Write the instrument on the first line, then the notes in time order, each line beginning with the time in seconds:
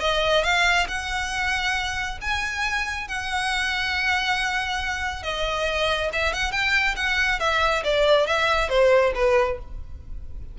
violin
0.00 D#5
0.43 F5
0.88 F#5
2.21 G#5
3.08 F#5
5.23 D#5
6.12 E5
6.33 F#5
6.52 G5
6.96 F#5
7.40 E5
7.84 D5
8.27 E5
8.69 C5
9.15 B4